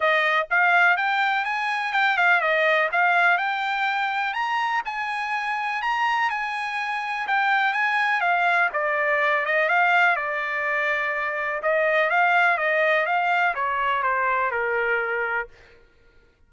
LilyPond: \new Staff \with { instrumentName = "trumpet" } { \time 4/4 \tempo 4 = 124 dis''4 f''4 g''4 gis''4 | g''8 f''8 dis''4 f''4 g''4~ | g''4 ais''4 gis''2 | ais''4 gis''2 g''4 |
gis''4 f''4 d''4. dis''8 | f''4 d''2. | dis''4 f''4 dis''4 f''4 | cis''4 c''4 ais'2 | }